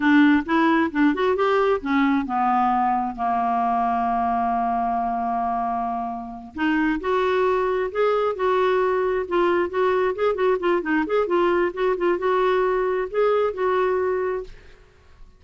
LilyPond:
\new Staff \with { instrumentName = "clarinet" } { \time 4/4 \tempo 4 = 133 d'4 e'4 d'8 fis'8 g'4 | cis'4 b2 ais4~ | ais1~ | ais2~ ais8 dis'4 fis'8~ |
fis'4. gis'4 fis'4.~ | fis'8 f'4 fis'4 gis'8 fis'8 f'8 | dis'8 gis'8 f'4 fis'8 f'8 fis'4~ | fis'4 gis'4 fis'2 | }